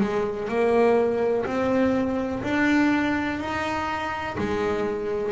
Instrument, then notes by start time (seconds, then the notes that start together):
double bass
0.00 G#3
0.48 A#3
1.45 C4
2.42 D4
3.39 D#4
4.38 G#3